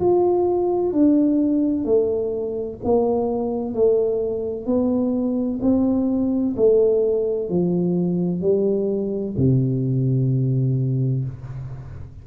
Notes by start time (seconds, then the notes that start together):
0.00 F4
0.92 D4
1.85 A3
2.84 A#3
3.74 A3
4.65 B3
5.61 C4
6.56 A3
7.49 F3
8.41 G3
9.37 C3